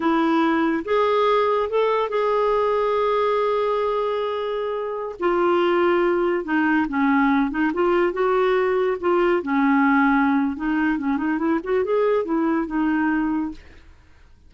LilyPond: \new Staff \with { instrumentName = "clarinet" } { \time 4/4 \tempo 4 = 142 e'2 gis'2 | a'4 gis'2.~ | gis'1~ | gis'16 f'2. dis'8.~ |
dis'16 cis'4. dis'8 f'4 fis'8.~ | fis'4~ fis'16 f'4 cis'4.~ cis'16~ | cis'4 dis'4 cis'8 dis'8 e'8 fis'8 | gis'4 e'4 dis'2 | }